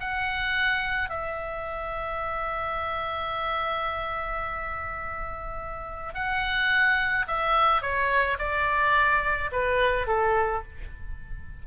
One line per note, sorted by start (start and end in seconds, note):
0.00 1.09 F#5
1.09 6.14 E5
6.14 7.26 F#5
7.27 7.82 E5
7.82 8.38 C#5
8.38 9.50 D5
9.52 10.07 B4
10.07 10.63 A4